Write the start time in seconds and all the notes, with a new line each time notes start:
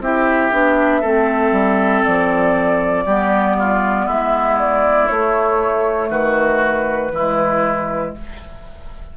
0.00 C4 E4 G4 E5
0.52 B3 D4
1.01 A3 C4 A4
1.52 G3
2.04 F3 D5
3.06 G3 B3 G4
3.58 F4
4.06 G#3 E4 E5
4.60 D5
5.08 A3 C#5
6.10 D#3 F#4 B4
7.12 E3 G#3 E4